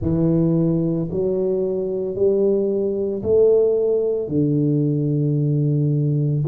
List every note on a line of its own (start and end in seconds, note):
0.01 1.08 E3
1.10 2.15 F#3
2.15 3.22 G3
3.22 4.28 A3
4.28 6.42 D3